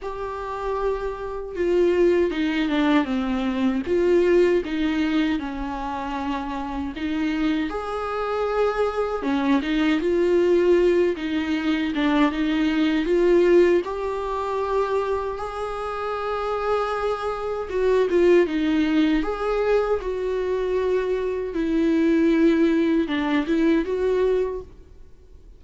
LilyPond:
\new Staff \with { instrumentName = "viola" } { \time 4/4 \tempo 4 = 78 g'2 f'4 dis'8 d'8 | c'4 f'4 dis'4 cis'4~ | cis'4 dis'4 gis'2 | cis'8 dis'8 f'4. dis'4 d'8 |
dis'4 f'4 g'2 | gis'2. fis'8 f'8 | dis'4 gis'4 fis'2 | e'2 d'8 e'8 fis'4 | }